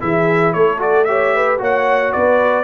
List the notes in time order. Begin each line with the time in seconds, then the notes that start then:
0.00 E3 E4 G#4 E5
0.53 A3 A4 C#5
0.78 F#4 D5
1.04 G4 C#5 E5
1.35 B4
1.58 A#3 F#4 C#5 F#5
2.12 B3 B4 D5